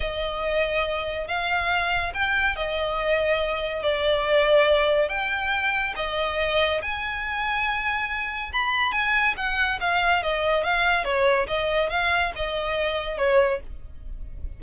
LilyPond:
\new Staff \with { instrumentName = "violin" } { \time 4/4 \tempo 4 = 141 dis''2. f''4~ | f''4 g''4 dis''2~ | dis''4 d''2. | g''2 dis''2 |
gis''1 | b''4 gis''4 fis''4 f''4 | dis''4 f''4 cis''4 dis''4 | f''4 dis''2 cis''4 | }